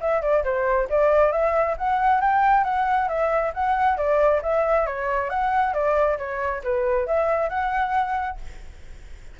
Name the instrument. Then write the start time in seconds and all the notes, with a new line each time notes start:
flute
0.00 E5
0.21 D5
0.44 C5
0.89 D5
1.32 E5
1.77 F#5
2.21 G5
2.64 F#5
3.08 E5
3.54 F#5
3.97 D5
4.42 E5
4.86 C#5
5.29 F#5
5.73 D5
6.18 C#5
6.63 B4
7.06 E5
7.49 F#5